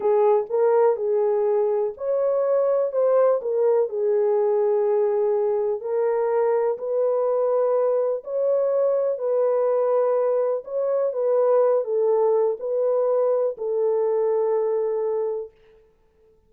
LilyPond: \new Staff \with { instrumentName = "horn" } { \time 4/4 \tempo 4 = 124 gis'4 ais'4 gis'2 | cis''2 c''4 ais'4 | gis'1 | ais'2 b'2~ |
b'4 cis''2 b'4~ | b'2 cis''4 b'4~ | b'8 a'4. b'2 | a'1 | }